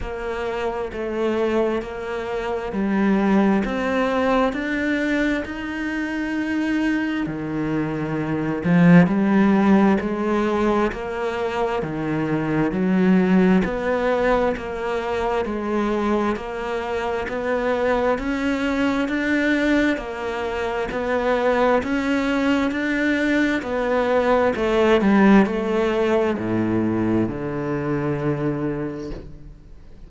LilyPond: \new Staff \with { instrumentName = "cello" } { \time 4/4 \tempo 4 = 66 ais4 a4 ais4 g4 | c'4 d'4 dis'2 | dis4. f8 g4 gis4 | ais4 dis4 fis4 b4 |
ais4 gis4 ais4 b4 | cis'4 d'4 ais4 b4 | cis'4 d'4 b4 a8 g8 | a4 a,4 d2 | }